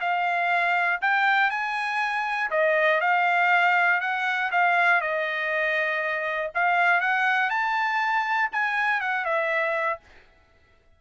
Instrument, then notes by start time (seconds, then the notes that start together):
trumpet
0.00 F5
1.01 G5
1.50 G#5
2.50 D#5
3.00 F5
4.00 F#5
4.51 F5
5.01 D#5
6.54 F5
7.00 F#5
7.49 A5
8.52 G#5
9.00 F#5
9.25 E5